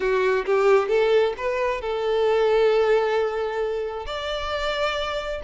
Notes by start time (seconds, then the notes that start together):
0.00 F#4
0.45 G4
0.88 A4
1.37 B4
1.81 A4
4.06 D5